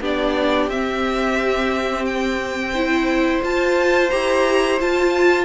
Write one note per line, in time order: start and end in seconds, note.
0.00 0.68 B3
0.00 0.70 D4
0.00 2.73 G4
0.00 0.70 D5
0.68 3.40 C4
0.68 2.75 C4
0.68 2.05 E5
2.05 3.42 G5
2.73 3.42 E4
2.73 5.45 C5
3.42 4.11 F4
3.42 4.11 A5
4.11 4.81 E4
4.11 4.79 G4
4.11 4.79 A#5
4.80 5.45 F4
4.80 5.45 A5